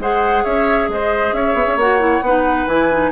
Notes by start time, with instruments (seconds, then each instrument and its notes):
0.00 bassoon G#3, clarinet G#4, oboe C5, flute F#5
0.44 bassoon C#4, oboe C#5, flute E5
0.89 bassoon G#3, oboe C5, flute D#5
1.33 bassoon C#4, oboe C#5, flute E5
1.55 bassoon B3
1.68 bassoon C#4
1.77 bassoon A#3, clarinet F#4, flute F#5
2.00 clarinet E4
2.22 bassoon B3, clarinet D#4, oboe B4
2.68 bassoon E3, clarinet E4, flute G#5
2.92 clarinet D#4